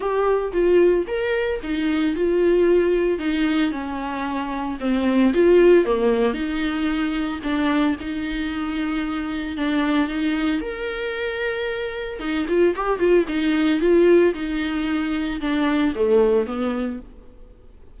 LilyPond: \new Staff \with { instrumentName = "viola" } { \time 4/4 \tempo 4 = 113 g'4 f'4 ais'4 dis'4 | f'2 dis'4 cis'4~ | cis'4 c'4 f'4 ais4 | dis'2 d'4 dis'4~ |
dis'2 d'4 dis'4 | ais'2. dis'8 f'8 | g'8 f'8 dis'4 f'4 dis'4~ | dis'4 d'4 a4 b4 | }